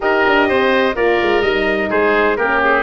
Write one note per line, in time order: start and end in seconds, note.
0.00 0.25 D#4
0.00 0.95 G4
0.00 0.48 A#4
0.00 0.96 D#5
0.27 0.49 D4
0.48 0.95 C4
0.48 0.95 C5
0.95 1.19 A#3
0.95 1.43 F4
0.95 1.89 A#4
0.95 1.42 D5
1.21 1.42 G#3
1.42 1.89 G3
1.42 2.38 D#4
1.42 1.89 D#5
1.89 2.38 G#3
1.89 2.37 G#4
1.89 2.36 C5
2.36 2.83 A#3
2.36 2.83 C#4
2.36 2.83 G4
2.36 2.60 A#4
2.63 2.83 G#4